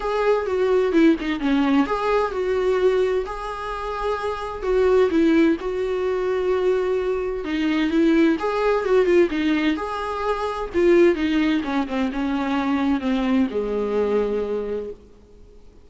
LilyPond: \new Staff \with { instrumentName = "viola" } { \time 4/4 \tempo 4 = 129 gis'4 fis'4 e'8 dis'8 cis'4 | gis'4 fis'2 gis'4~ | gis'2 fis'4 e'4 | fis'1 |
dis'4 e'4 gis'4 fis'8 f'8 | dis'4 gis'2 f'4 | dis'4 cis'8 c'8 cis'2 | c'4 gis2. | }